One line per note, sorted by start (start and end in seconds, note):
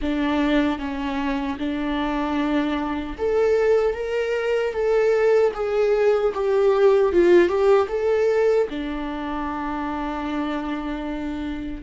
0.01 0.78 D4
0.78 1.57 C#4
1.58 3.16 D4
3.18 3.94 A4
3.94 4.73 A#4
4.73 5.52 A4
5.53 6.32 G#4
6.34 7.12 G4
7.12 7.48 F4
7.48 7.87 G4
7.88 8.67 A4
8.69 11.82 D4